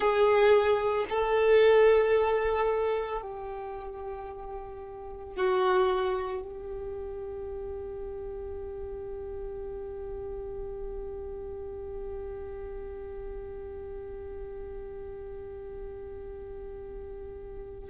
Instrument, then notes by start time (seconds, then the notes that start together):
violin
0.00 G#4
1.09 A4
3.21 G4
5.36 F#4
6.42 G4